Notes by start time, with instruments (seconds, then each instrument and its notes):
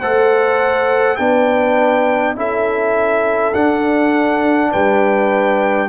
0.00 tuba A3, trombone A4, horn C5, trumpet F#5
1.16 tuba B3, trombone D4, horn B4, trumpet G5
2.35 tuba C#4, trombone E4, horn A4, trumpet E5
3.54 trombone D4, tuba D4, trumpet F#5
4.71 tuba G3, horn B4, trumpet G5